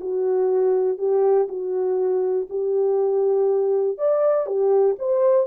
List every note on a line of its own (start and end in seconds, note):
0.00 0.98 F#4
0.98 1.47 G4
1.48 2.47 F#4
2.49 3.98 G4
3.98 4.46 D5
4.46 4.95 G4
4.98 5.46 C5